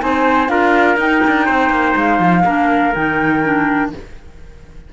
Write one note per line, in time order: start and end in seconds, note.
0.00 0.49 C4
0.00 0.49 D#4
0.00 0.51 C5
0.00 0.49 G#5
0.49 0.97 D4
0.49 0.98 F4
0.49 1.46 A#4
0.49 0.98 F5
0.97 1.21 D#4
0.97 2.44 D#4
0.97 1.97 G5
1.27 1.49 D4
1.46 1.70 C4
1.46 2.43 C5
1.70 1.94 A#3
1.96 2.20 G#3
1.96 2.95 F5
2.20 2.44 F3
2.45 2.94 A#3
2.45 2.94 D4
2.45 3.92 A#4
2.95 3.93 D#3
2.95 3.43 D#4
2.95 3.92 G5
3.43 3.92 D4